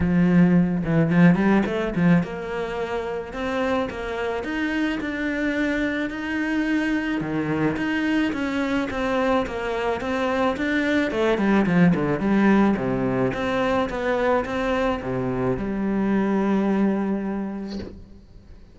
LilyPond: \new Staff \with { instrumentName = "cello" } { \time 4/4 \tempo 4 = 108 f4. e8 f8 g8 a8 f8 | ais2 c'4 ais4 | dis'4 d'2 dis'4~ | dis'4 dis4 dis'4 cis'4 |
c'4 ais4 c'4 d'4 | a8 g8 f8 d8 g4 c4 | c'4 b4 c'4 c4 | g1 | }